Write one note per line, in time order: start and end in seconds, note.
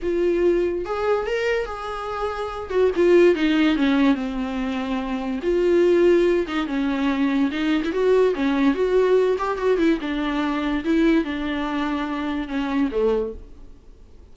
0.02 0.85 F4
0.85 1.26 G#4
1.26 1.65 A#4
1.65 2.70 G#4
2.70 2.90 F#4
2.96 3.35 F4
3.35 3.76 D#4
3.76 4.14 C#4
4.14 5.39 C4
5.42 6.46 F4
6.47 6.67 D#4
6.67 7.50 C#4
7.51 7.82 D#4
7.84 7.92 E4
7.92 8.34 F#4
8.34 8.74 C#4
8.74 9.37 F#4
9.38 9.57 G4
9.57 9.78 F#4
9.78 9.99 E4
10.00 10.84 D4
10.84 11.24 E4
11.24 12.48 D4
12.48 12.89 C#4
12.91 13.32 A3